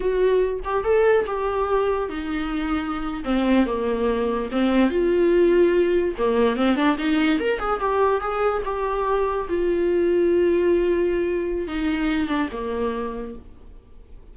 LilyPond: \new Staff \with { instrumentName = "viola" } { \time 4/4 \tempo 4 = 144 fis'4. g'8 a'4 g'4~ | g'4 dis'2~ dis'8. c'16~ | c'8. ais2 c'4 f'16~ | f'2~ f'8. ais4 c'16~ |
c'16 d'8 dis'4 ais'8 gis'8 g'4 gis'16~ | gis'8. g'2 f'4~ f'16~ | f'1 | dis'4. d'8 ais2 | }